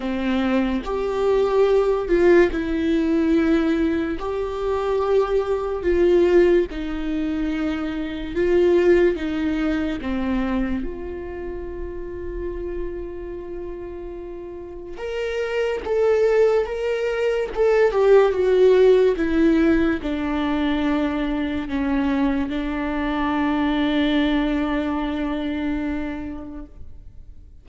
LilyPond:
\new Staff \with { instrumentName = "viola" } { \time 4/4 \tempo 4 = 72 c'4 g'4. f'8 e'4~ | e'4 g'2 f'4 | dis'2 f'4 dis'4 | c'4 f'2.~ |
f'2 ais'4 a'4 | ais'4 a'8 g'8 fis'4 e'4 | d'2 cis'4 d'4~ | d'1 | }